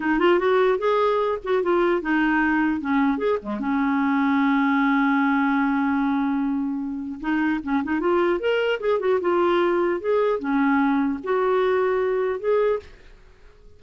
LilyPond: \new Staff \with { instrumentName = "clarinet" } { \time 4/4 \tempo 4 = 150 dis'8 f'8 fis'4 gis'4. fis'8 | f'4 dis'2 cis'4 | gis'8 gis8 cis'2.~ | cis'1~ |
cis'2 dis'4 cis'8 dis'8 | f'4 ais'4 gis'8 fis'8 f'4~ | f'4 gis'4 cis'2 | fis'2. gis'4 | }